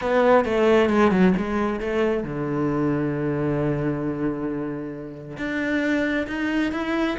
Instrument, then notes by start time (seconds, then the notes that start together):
cello
0.01 B3
0.45 A3
0.89 G#3
1.11 F#3
1.37 G#3
1.80 A3
2.23 D3
5.37 D4
6.27 D#4
6.71 E4